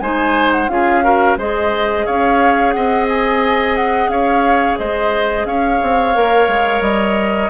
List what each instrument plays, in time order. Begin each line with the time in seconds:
0.00 bassoon G#3, clarinet D#4, oboe C5, flute G#5
0.52 flute F#5
0.68 bassoon C#4, clarinet F4, oboe G#4, flute F5
1.03 clarinet F#4, oboe A#4
1.37 bassoon G#3, clarinet G#4, oboe C5, flute D#5
2.06 bassoon C#4, oboe C#5, flute F5
2.71 bassoon C4, oboe D#5, flute F#5
3.09 flute G#5
3.76 flute F#5
4.08 bassoon C#4, oboe C#5, flute F5
4.78 bassoon G#3, oboe C5, flute D#5
5.45 bassoon C#4, oboe C#5, flute F5
5.82 bassoon C4
6.15 bassoon A#3, clarinet A#4
6.47 bassoon G#3
6.81 bassoon G3, flute D#5